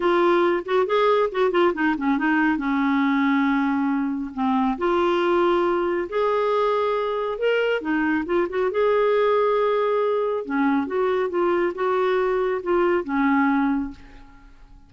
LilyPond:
\new Staff \with { instrumentName = "clarinet" } { \time 4/4 \tempo 4 = 138 f'4. fis'8 gis'4 fis'8 f'8 | dis'8 cis'8 dis'4 cis'2~ | cis'2 c'4 f'4~ | f'2 gis'2~ |
gis'4 ais'4 dis'4 f'8 fis'8 | gis'1 | cis'4 fis'4 f'4 fis'4~ | fis'4 f'4 cis'2 | }